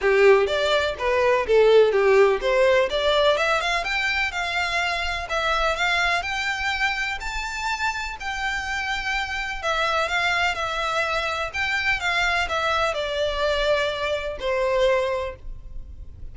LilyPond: \new Staff \with { instrumentName = "violin" } { \time 4/4 \tempo 4 = 125 g'4 d''4 b'4 a'4 | g'4 c''4 d''4 e''8 f''8 | g''4 f''2 e''4 | f''4 g''2 a''4~ |
a''4 g''2. | e''4 f''4 e''2 | g''4 f''4 e''4 d''4~ | d''2 c''2 | }